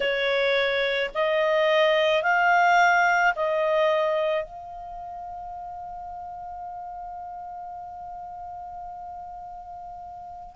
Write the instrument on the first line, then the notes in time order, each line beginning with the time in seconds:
clarinet
0.00 C#5
1.14 D#5
2.22 F5
3.35 D#5
4.44 F5